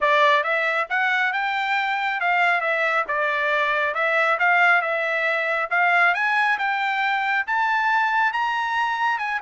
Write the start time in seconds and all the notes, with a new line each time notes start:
0.00 D5
0.43 E5
0.89 F#5
1.32 G5
2.20 F5
2.61 E5
3.08 D5
3.94 E5
4.39 F5
4.81 E5
5.70 F5
6.14 G#5
6.58 G5
7.47 A5
8.32 A#5
9.18 G#5